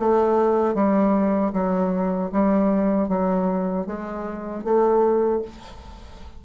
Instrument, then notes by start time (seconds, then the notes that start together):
bassoon
0.00 A3
0.75 G3
1.53 F#3
2.33 G3
3.09 F#3
3.87 G#3
4.65 A3